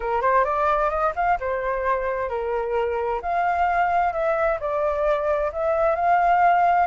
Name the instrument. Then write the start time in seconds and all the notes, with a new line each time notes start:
flute
0.00 A#4
0.21 C5
0.44 D5
0.89 D#5
1.15 F5
1.40 C5
2.29 A#4
3.21 F5
4.12 E5
4.59 D5
5.52 E5
5.95 F5